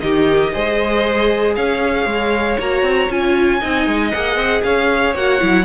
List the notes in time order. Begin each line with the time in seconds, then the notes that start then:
0.00 D#3 D#4 G4 D#5
0.53 G#3 G#4 C5
1.55 C#4 C#5 F5
2.06 G#3
2.58 A#3 F#4 A#5
2.83 C4
3.10 C#4 F4 G#5
3.60 C4 D#4 D#5
3.87 G#3
4.11 A#3 G#4 F#5
4.36 C4
4.63 C#4 C#5 F5
5.15 A#3 F#4 F#5
5.40 F#3 E4